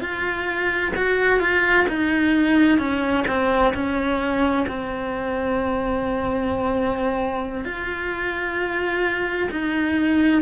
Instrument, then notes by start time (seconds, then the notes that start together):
cello
0.00 F4
0.95 F#4
1.39 F4
1.88 D#4
2.78 C#4
3.27 C4
3.73 C#4
4.67 C4
7.64 F4
9.50 D#4